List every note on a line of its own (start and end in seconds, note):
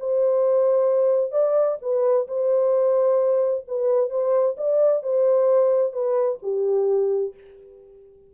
0.00 1.32 C5
1.32 1.78 D5
1.82 2.28 B4
2.28 3.65 C5
3.68 4.10 B4
4.10 4.56 C5
4.58 5.03 D5
5.03 5.93 C5
5.93 6.39 B4
6.43 7.34 G4